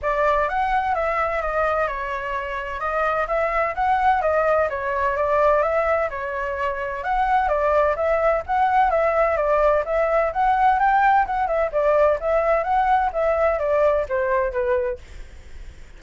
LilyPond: \new Staff \with { instrumentName = "flute" } { \time 4/4 \tempo 4 = 128 d''4 fis''4 e''4 dis''4 | cis''2 dis''4 e''4 | fis''4 dis''4 cis''4 d''4 | e''4 cis''2 fis''4 |
d''4 e''4 fis''4 e''4 | d''4 e''4 fis''4 g''4 | fis''8 e''8 d''4 e''4 fis''4 | e''4 d''4 c''4 b'4 | }